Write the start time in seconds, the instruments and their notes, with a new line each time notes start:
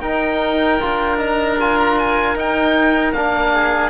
0.00 cello D#4, trombone D#4, oboe A#4 G5
0.81 cello D4, trombone F4
1.18 trombone D#4, oboe A#5
1.60 trombone F4, oboe G#5
1.79 oboe A#5
1.98 oboe G#5
2.35 cello D#4, trombone D#4, oboe G5
3.12 cello A#3, trombone D4, oboe F5
3.53 oboe G#4